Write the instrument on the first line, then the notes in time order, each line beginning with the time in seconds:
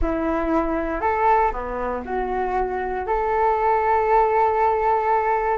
flute
0.01 E4
1.00 A4
1.52 B3
2.05 F#4
3.06 A4